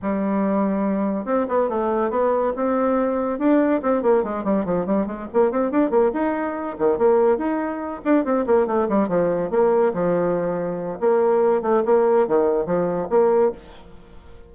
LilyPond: \new Staff \with { instrumentName = "bassoon" } { \time 4/4 \tempo 4 = 142 g2. c'8 b8 | a4 b4 c'2 | d'4 c'8 ais8 gis8 g8 f8 g8 | gis8 ais8 c'8 d'8 ais8 dis'4. |
dis8 ais4 dis'4. d'8 c'8 | ais8 a8 g8 f4 ais4 f8~ | f2 ais4. a8 | ais4 dis4 f4 ais4 | }